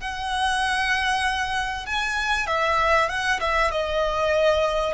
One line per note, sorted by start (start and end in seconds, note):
0.00 1.86 F#5
1.86 2.47 G#5
2.47 3.08 E5
3.08 3.39 F#5
3.40 3.71 E5
3.71 4.94 D#5